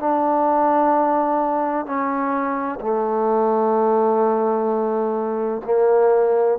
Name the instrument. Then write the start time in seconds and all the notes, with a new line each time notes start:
trombone
0.00 D4
1.86 C#4
2.81 A3
5.65 A#3